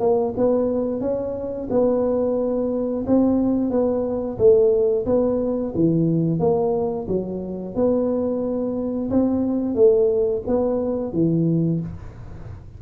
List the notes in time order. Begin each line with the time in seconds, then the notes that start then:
0.00 A#3
0.37 B3
1.01 C#4
1.70 B3
3.06 C4
3.70 B3
4.38 A3
5.06 B3
5.75 E3
6.40 A#3
7.08 F#3
7.75 B3
9.10 C4
9.75 A3
10.47 B3
11.13 E3